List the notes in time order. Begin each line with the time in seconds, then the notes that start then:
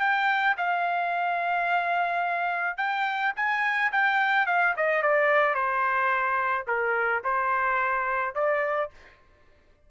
0.00 G5
0.57 F5
2.78 G5
3.36 G#5
3.92 G5
4.47 F5
4.77 D#5
5.03 D5
5.55 C5
6.67 A#4
7.24 C5
8.35 D5